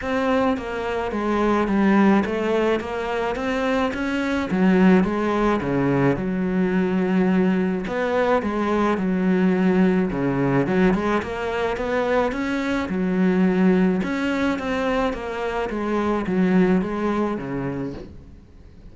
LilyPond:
\new Staff \with { instrumentName = "cello" } { \time 4/4 \tempo 4 = 107 c'4 ais4 gis4 g4 | a4 ais4 c'4 cis'4 | fis4 gis4 cis4 fis4~ | fis2 b4 gis4 |
fis2 cis4 fis8 gis8 | ais4 b4 cis'4 fis4~ | fis4 cis'4 c'4 ais4 | gis4 fis4 gis4 cis4 | }